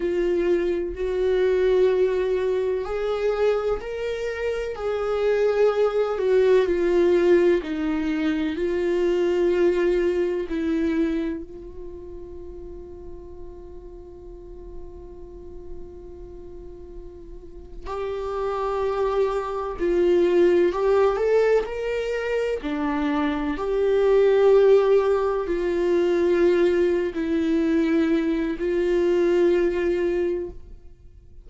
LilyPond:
\new Staff \with { instrumentName = "viola" } { \time 4/4 \tempo 4 = 63 f'4 fis'2 gis'4 | ais'4 gis'4. fis'8 f'4 | dis'4 f'2 e'4 | f'1~ |
f'2~ f'8. g'4~ g'16~ | g'8. f'4 g'8 a'8 ais'4 d'16~ | d'8. g'2 f'4~ f'16~ | f'8 e'4. f'2 | }